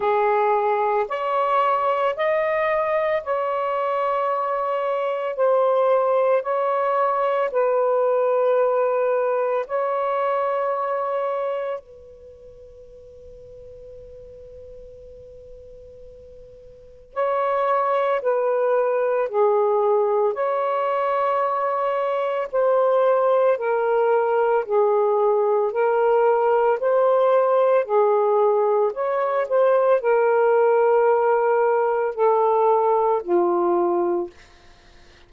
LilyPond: \new Staff \with { instrumentName = "saxophone" } { \time 4/4 \tempo 4 = 56 gis'4 cis''4 dis''4 cis''4~ | cis''4 c''4 cis''4 b'4~ | b'4 cis''2 b'4~ | b'1 |
cis''4 b'4 gis'4 cis''4~ | cis''4 c''4 ais'4 gis'4 | ais'4 c''4 gis'4 cis''8 c''8 | ais'2 a'4 f'4 | }